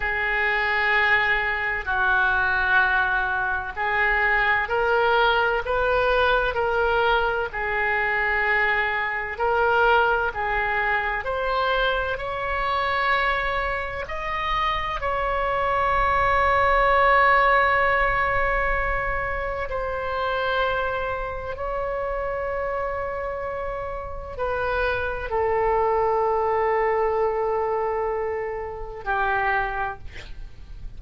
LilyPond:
\new Staff \with { instrumentName = "oboe" } { \time 4/4 \tempo 4 = 64 gis'2 fis'2 | gis'4 ais'4 b'4 ais'4 | gis'2 ais'4 gis'4 | c''4 cis''2 dis''4 |
cis''1~ | cis''4 c''2 cis''4~ | cis''2 b'4 a'4~ | a'2. g'4 | }